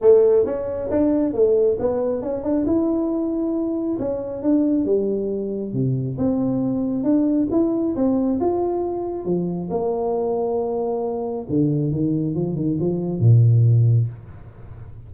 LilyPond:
\new Staff \with { instrumentName = "tuba" } { \time 4/4 \tempo 4 = 136 a4 cis'4 d'4 a4 | b4 cis'8 d'8 e'2~ | e'4 cis'4 d'4 g4~ | g4 c4 c'2 |
d'4 e'4 c'4 f'4~ | f'4 f4 ais2~ | ais2 d4 dis4 | f8 dis8 f4 ais,2 | }